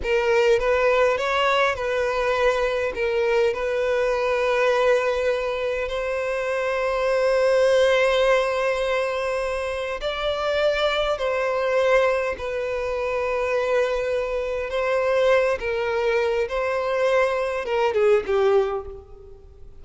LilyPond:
\new Staff \with { instrumentName = "violin" } { \time 4/4 \tempo 4 = 102 ais'4 b'4 cis''4 b'4~ | b'4 ais'4 b'2~ | b'2 c''2~ | c''1~ |
c''4 d''2 c''4~ | c''4 b'2.~ | b'4 c''4. ais'4. | c''2 ais'8 gis'8 g'4 | }